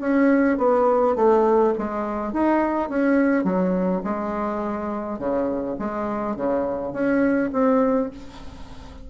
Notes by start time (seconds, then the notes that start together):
0.00 C#4
0.58 B3
1.16 A3
1.78 G#3
2.33 D#4
2.89 C#4
3.44 F#3
4.04 G#3
5.19 C#3
5.79 G#3
6.36 C#3
6.93 C#4
7.52 C4